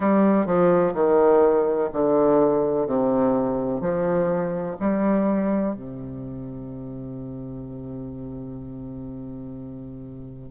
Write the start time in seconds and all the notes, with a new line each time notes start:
0.00 G3
0.45 F3
0.94 D#3
1.93 D3
2.86 C3
3.81 F3
4.80 G3
5.74 C3